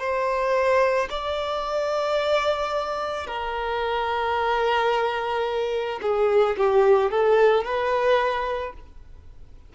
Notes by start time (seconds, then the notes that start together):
0.00 C5
1.10 D5
3.27 A#4
6.02 G#4
6.58 G4
7.11 A4
7.65 B4